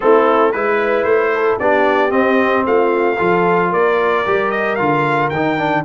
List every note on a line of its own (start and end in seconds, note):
0.00 0.54 A3
0.00 0.53 C4
0.00 0.51 E4
0.00 0.52 A4
0.51 1.03 G#3
0.51 1.60 E4
0.51 1.30 B4
0.51 1.03 B4
1.03 1.57 A3
1.03 1.57 C5
1.34 1.60 A4
1.59 2.11 B3
1.59 2.10 D4
1.59 2.66 G4
1.59 2.11 D5
2.10 3.16 C4
2.10 2.64 C4
2.10 2.64 D#5
2.65 3.18 A3
2.65 3.16 F4
2.65 3.72 F5
3.16 3.73 F3
3.16 4.24 F4
3.16 3.69 A4
3.69 4.26 A#3
3.69 5.81 A#4
3.69 4.50 D5
4.25 4.79 G3
4.25 4.78 G4
4.50 4.75 D#5
4.75 5.30 D3
4.75 5.31 F4
4.75 5.28 F5
5.29 5.83 D#3
5.29 5.57 D#4
5.29 5.82 G5
5.57 5.84 D4